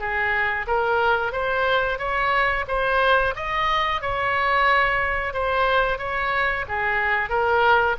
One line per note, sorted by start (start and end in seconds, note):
0.00 0.67 G#4
0.68 1.33 A#4
1.33 1.99 C5
1.99 2.66 C#5
2.68 3.35 C5
3.36 4.02 D#5
4.02 5.34 C#5
5.34 5.99 C5
5.99 6.65 C#5
6.69 7.30 G#4
7.30 7.96 A#4